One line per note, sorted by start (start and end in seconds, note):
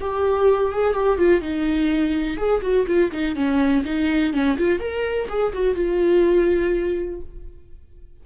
0.00 0.72 G4
0.72 0.94 G#4
0.94 1.18 G4
1.18 1.41 F4
1.41 2.37 D#4
2.37 2.61 G#4
2.62 2.86 F#4
2.87 3.11 F4
3.11 3.35 D#4
3.35 3.84 C#4
3.84 4.33 D#4
4.33 4.57 C#4
4.57 4.79 F4
4.79 5.28 A#4
5.29 5.53 G#4
5.53 5.75 F#4
5.75 7.20 F4